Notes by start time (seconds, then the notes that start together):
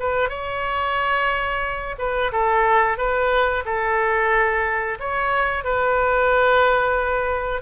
0.00 B4
0.30 C#5
1.99 B4
2.32 A4
2.98 B4
3.65 A4
5.00 C#5
5.64 B4